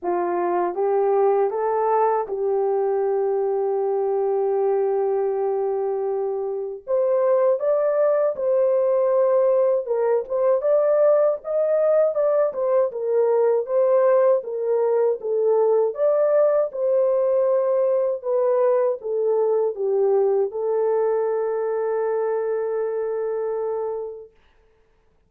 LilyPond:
\new Staff \with { instrumentName = "horn" } { \time 4/4 \tempo 4 = 79 f'4 g'4 a'4 g'4~ | g'1~ | g'4 c''4 d''4 c''4~ | c''4 ais'8 c''8 d''4 dis''4 |
d''8 c''8 ais'4 c''4 ais'4 | a'4 d''4 c''2 | b'4 a'4 g'4 a'4~ | a'1 | }